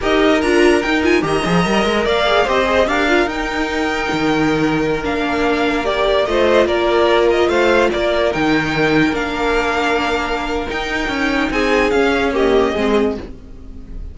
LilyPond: <<
  \new Staff \with { instrumentName = "violin" } { \time 4/4 \tempo 4 = 146 dis''4 ais''4 g''8 gis''8 ais''4~ | ais''4 f''4 dis''4 f''4 | g''1~ | g''16 f''2 d''4 dis''8.~ |
dis''16 d''4. dis''8 f''4 d''8.~ | d''16 g''2 f''4.~ f''16~ | f''2 g''2 | gis''4 f''4 dis''2 | }
  \new Staff \with { instrumentName = "violin" } { \time 4/4 ais'2. dis''4~ | dis''4 d''4 c''4 ais'4~ | ais'1~ | ais'2.~ ais'16 c''8.~ |
c''16 ais'2 c''4 ais'8.~ | ais'1~ | ais'1 | gis'2 g'4 gis'4 | }
  \new Staff \with { instrumentName = "viola" } { \time 4/4 g'4 f'4 dis'8 f'8 g'8 gis'8 | ais'4. gis'8 g'8 gis'8 g'8 f'8 | dis'1~ | dis'16 d'2 g'4 f'8.~ |
f'1~ | f'16 dis'2 d'4.~ d'16~ | d'2 dis'2~ | dis'4 cis'4 ais4 c'4 | }
  \new Staff \with { instrumentName = "cello" } { \time 4/4 dis'4 d'4 dis'4 dis8 f8 | g8 gis8 ais4 c'4 d'4 | dis'2 dis2~ | dis16 ais2. a8.~ |
a16 ais2 a4 ais8.~ | ais16 dis2 ais4.~ ais16~ | ais2 dis'4 cis'4 | c'4 cis'2 gis4 | }
>>